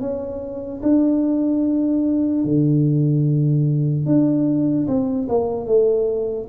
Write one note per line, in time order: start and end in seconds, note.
0.00 0.81 C#4
0.82 2.44 D4
2.44 4.05 D3
4.05 4.86 D4
4.87 5.27 C4
5.29 5.66 A#3
5.66 6.48 A3